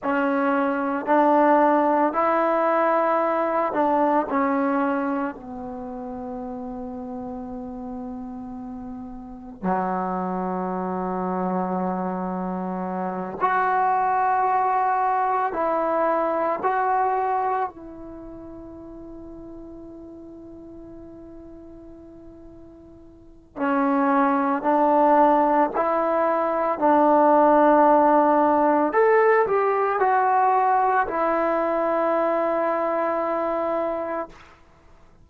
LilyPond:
\new Staff \with { instrumentName = "trombone" } { \time 4/4 \tempo 4 = 56 cis'4 d'4 e'4. d'8 | cis'4 b2.~ | b4 fis2.~ | fis8 fis'2 e'4 fis'8~ |
fis'8 e'2.~ e'8~ | e'2 cis'4 d'4 | e'4 d'2 a'8 g'8 | fis'4 e'2. | }